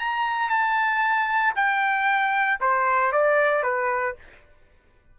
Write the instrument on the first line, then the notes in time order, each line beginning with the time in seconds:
trumpet
0.00 A#5
0.50 A5
1.56 G5
2.61 C5
3.13 D5
3.64 B4